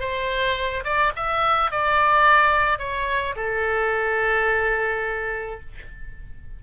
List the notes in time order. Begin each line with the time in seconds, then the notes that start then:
0.00 C5
0.85 D5
1.16 E5
1.71 D5
2.79 C#5
3.36 A4